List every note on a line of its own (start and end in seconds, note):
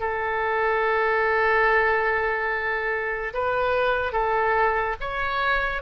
0.00 3.33 A4
3.34 4.12 B4
4.12 4.96 A4
5.00 5.82 C#5